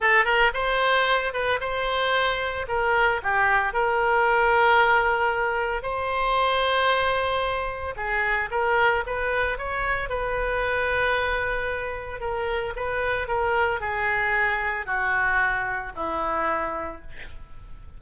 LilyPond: \new Staff \with { instrumentName = "oboe" } { \time 4/4 \tempo 4 = 113 a'8 ais'8 c''4. b'8 c''4~ | c''4 ais'4 g'4 ais'4~ | ais'2. c''4~ | c''2. gis'4 |
ais'4 b'4 cis''4 b'4~ | b'2. ais'4 | b'4 ais'4 gis'2 | fis'2 e'2 | }